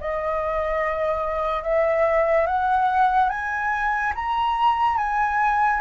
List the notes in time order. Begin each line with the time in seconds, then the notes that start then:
0.00 D#5
1.63 E5
2.47 F#5
3.30 G#5
4.15 A#5
4.97 G#5